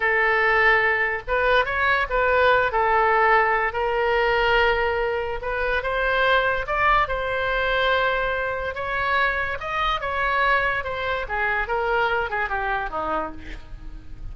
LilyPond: \new Staff \with { instrumentName = "oboe" } { \time 4/4 \tempo 4 = 144 a'2. b'4 | cis''4 b'4. a'4.~ | a'4 ais'2.~ | ais'4 b'4 c''2 |
d''4 c''2.~ | c''4 cis''2 dis''4 | cis''2 c''4 gis'4 | ais'4. gis'8 g'4 dis'4 | }